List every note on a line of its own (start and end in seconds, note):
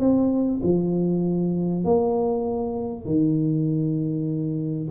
0.00 0.61 C4
0.63 1.85 F3
1.85 3.06 A#3
3.06 4.89 D#3